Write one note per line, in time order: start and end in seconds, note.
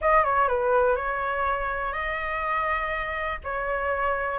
0.01 0.24 D#5
0.24 0.48 C#5
0.48 0.96 B4
0.96 1.92 C#5
1.92 3.39 D#5
3.44 4.39 C#5